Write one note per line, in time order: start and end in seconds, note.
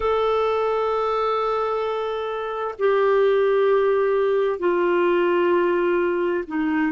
0.00 2.74 A4
2.78 4.59 G4
4.59 6.44 F4
6.47 6.92 D#4